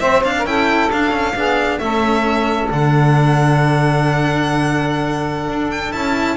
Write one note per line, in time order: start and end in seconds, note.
0.00 0.23 C4
0.00 0.44 C4
0.00 0.34 C5
0.00 0.22 E5
0.24 0.46 D4
0.24 0.46 F5
0.38 0.89 C#4
0.38 0.48 A#4
0.46 0.90 E4
0.46 1.36 A4
0.46 0.91 G5
0.90 1.35 D4
0.90 1.11 D4
0.90 1.79 F5
1.11 1.33 C#4
1.36 1.80 B3
1.36 1.80 D4
1.36 1.81 G#4
1.79 2.69 A3
1.79 2.70 C#4
1.79 6.36 A4
1.79 2.68 E5
2.70 5.49 D3
2.70 5.92 D4
2.70 5.71 F#5
5.49 5.94 D4
5.71 5.92 G5
5.92 6.36 C#4
5.92 6.36 E4
5.92 6.36 A5